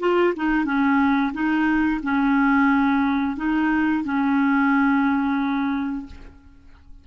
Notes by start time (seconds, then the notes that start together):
0.00 F4
0.36 D#4
0.65 C#4
1.33 D#4
2.03 C#4
3.37 D#4
4.04 C#4